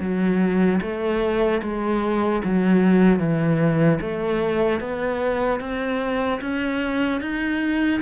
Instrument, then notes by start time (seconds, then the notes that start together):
cello
0.00 F#3
0.81 A3
1.62 G#3
2.44 F#3
3.19 E3
4.01 A3
4.80 B3
5.60 C4
6.41 C#4
7.21 D#4